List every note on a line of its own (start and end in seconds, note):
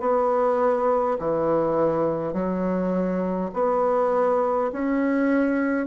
0.00 1.18 B3
1.19 2.33 E3
2.33 3.50 F#3
3.53 4.71 B3
4.72 5.86 C#4